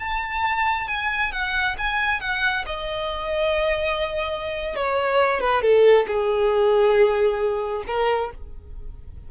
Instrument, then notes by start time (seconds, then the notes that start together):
violin
0.00 A5
0.88 G#5
1.32 F#5
1.78 G#5
2.21 F#5
2.66 D#5
4.76 C#5
5.41 B4
5.62 A4
6.07 G#4
7.87 A#4